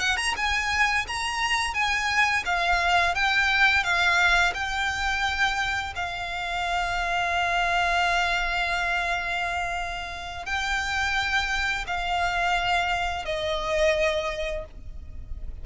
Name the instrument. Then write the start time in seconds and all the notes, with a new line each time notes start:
violin
0.00 F#5
0.17 A#5
0.37 G#5
1.08 A#5
1.74 G#5
2.45 F5
3.15 G5
3.84 F5
4.54 G5
5.96 F5
10.46 G5
11.87 F5
13.26 D#5